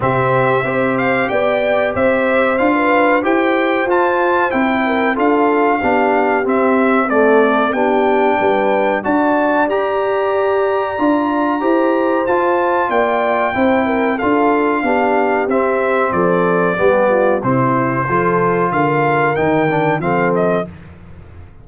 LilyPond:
<<
  \new Staff \with { instrumentName = "trumpet" } { \time 4/4 \tempo 4 = 93 e''4. f''8 g''4 e''4 | f''4 g''4 a''4 g''4 | f''2 e''4 d''4 | g''2 a''4 ais''4~ |
ais''2. a''4 | g''2 f''2 | e''4 d''2 c''4~ | c''4 f''4 g''4 f''8 dis''8 | }
  \new Staff \with { instrumentName = "horn" } { \time 4/4 g'4 c''4 d''4 c''4~ | c''16 b'8. c''2~ c''8 ais'8 | a'4 g'2 a'4 | g'4 b'4 d''2~ |
d''2 c''2 | d''4 c''8 ais'8 a'4 g'4~ | g'4 a'4 g'8 f'8 e'4 | a'4 ais'2 a'4 | }
  \new Staff \with { instrumentName = "trombone" } { \time 4/4 c'4 g'2. | f'4 g'4 f'4 e'4 | f'4 d'4 c'4 a4 | d'2 fis'4 g'4~ |
g'4 f'4 g'4 f'4~ | f'4 e'4 f'4 d'4 | c'2 b4 c'4 | f'2 dis'8 d'8 c'4 | }
  \new Staff \with { instrumentName = "tuba" } { \time 4/4 c4 c'4 b4 c'4 | d'4 e'4 f'4 c'4 | d'4 b4 c'2 | b4 g4 d'4 g'4~ |
g'4 d'4 e'4 f'4 | ais4 c'4 d'4 b4 | c'4 f4 g4 c4 | f4 d4 dis4 f4 | }
>>